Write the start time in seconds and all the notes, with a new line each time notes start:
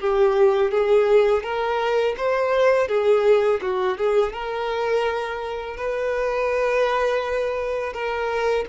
0.00 G4
0.71 G#4
1.43 A#4
2.17 C5
2.88 G#4
3.61 F#4
3.97 G#4
4.33 A#4
5.77 B4
7.93 A#4